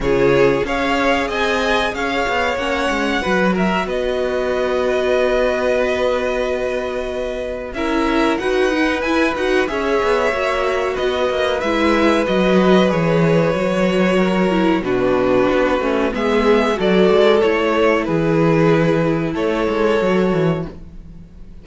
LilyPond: <<
  \new Staff \with { instrumentName = "violin" } { \time 4/4 \tempo 4 = 93 cis''4 f''4 gis''4 f''4 | fis''4. e''8 dis''2~ | dis''1 | e''4 fis''4 gis''8 fis''8 e''4~ |
e''4 dis''4 e''4 dis''4 | cis''2. b'4~ | b'4 e''4 d''4 cis''4 | b'2 cis''2 | }
  \new Staff \with { instrumentName = "violin" } { \time 4/4 gis'4 cis''4 dis''4 cis''4~ | cis''4 b'8 ais'8 b'2~ | b'1 | ais'4 b'2 cis''4~ |
cis''4 b'2.~ | b'2 ais'4 fis'4~ | fis'4 gis'4 a'2 | gis'2 a'2 | }
  \new Staff \with { instrumentName = "viola" } { \time 4/4 f'4 gis'2. | cis'4 fis'2.~ | fis'1 | e'4 fis'8 dis'8 e'8 fis'8 gis'4 |
fis'2 e'4 fis'4 | gis'4 fis'4. e'8 d'4~ | d'8 cis'8 b4 fis'4 e'4~ | e'2. fis'4 | }
  \new Staff \with { instrumentName = "cello" } { \time 4/4 cis4 cis'4 c'4 cis'8 b8 | ais8 gis8 fis4 b2~ | b1 | cis'4 dis'4 e'8 dis'8 cis'8 b8 |
ais4 b8 ais8 gis4 fis4 | e4 fis2 b,4 | b8 a8 gis4 fis8 gis8 a4 | e2 a8 gis8 fis8 e8 | }
>>